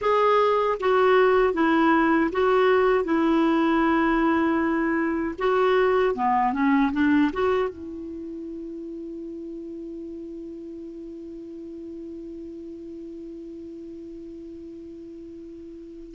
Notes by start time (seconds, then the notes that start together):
0.01 G#4
0.79 F#4
1.53 E4
2.31 F#4
3.04 E4
5.38 F#4
6.14 B3
6.52 C#4
6.92 D4
7.32 F#4
7.69 E4